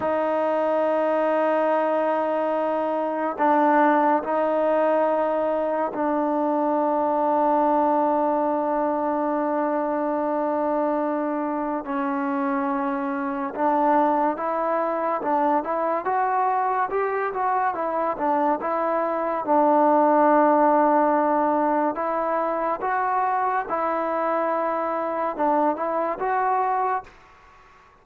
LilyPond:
\new Staff \with { instrumentName = "trombone" } { \time 4/4 \tempo 4 = 71 dis'1 | d'4 dis'2 d'4~ | d'1~ | d'2 cis'2 |
d'4 e'4 d'8 e'8 fis'4 | g'8 fis'8 e'8 d'8 e'4 d'4~ | d'2 e'4 fis'4 | e'2 d'8 e'8 fis'4 | }